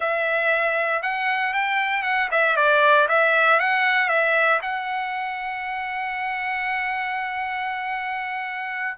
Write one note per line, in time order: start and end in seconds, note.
0.00 1.02 E5
1.02 1.53 F#5
1.53 2.03 G5
2.03 2.28 F#5
2.31 2.56 E5
2.56 3.07 D5
3.08 3.59 E5
3.59 4.08 F#5
4.08 4.59 E5
4.62 8.97 F#5